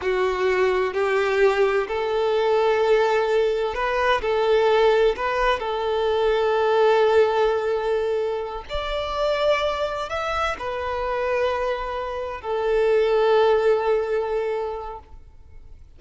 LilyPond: \new Staff \with { instrumentName = "violin" } { \time 4/4 \tempo 4 = 128 fis'2 g'2 | a'1 | b'4 a'2 b'4 | a'1~ |
a'2~ a'8 d''4.~ | d''4. e''4 b'4.~ | b'2~ b'8 a'4.~ | a'1 | }